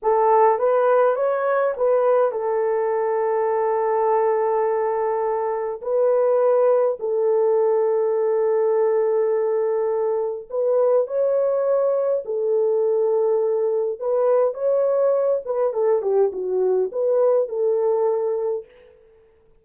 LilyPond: \new Staff \with { instrumentName = "horn" } { \time 4/4 \tempo 4 = 103 a'4 b'4 cis''4 b'4 | a'1~ | a'2 b'2 | a'1~ |
a'2 b'4 cis''4~ | cis''4 a'2. | b'4 cis''4. b'8 a'8 g'8 | fis'4 b'4 a'2 | }